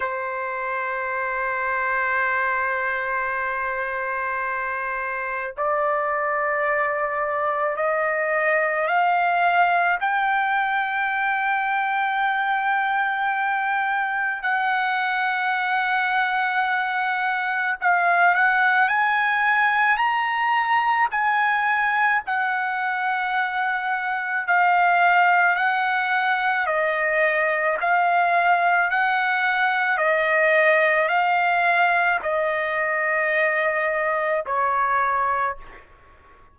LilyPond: \new Staff \with { instrumentName = "trumpet" } { \time 4/4 \tempo 4 = 54 c''1~ | c''4 d''2 dis''4 | f''4 g''2.~ | g''4 fis''2. |
f''8 fis''8 gis''4 ais''4 gis''4 | fis''2 f''4 fis''4 | dis''4 f''4 fis''4 dis''4 | f''4 dis''2 cis''4 | }